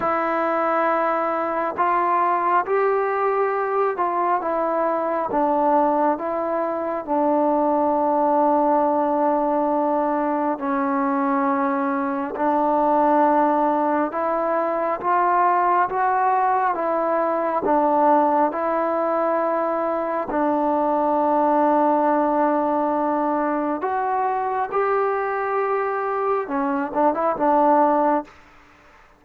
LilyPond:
\new Staff \with { instrumentName = "trombone" } { \time 4/4 \tempo 4 = 68 e'2 f'4 g'4~ | g'8 f'8 e'4 d'4 e'4 | d'1 | cis'2 d'2 |
e'4 f'4 fis'4 e'4 | d'4 e'2 d'4~ | d'2. fis'4 | g'2 cis'8 d'16 e'16 d'4 | }